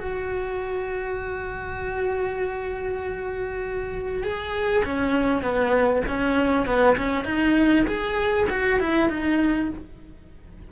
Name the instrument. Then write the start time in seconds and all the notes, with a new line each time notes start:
cello
0.00 F#4
4.24 G#4
4.85 C#4
5.42 B3
6.08 C#4
6.67 B3
6.98 C#4
7.25 D#4
7.87 G#4
8.50 F#4
8.80 E4
9.10 D#4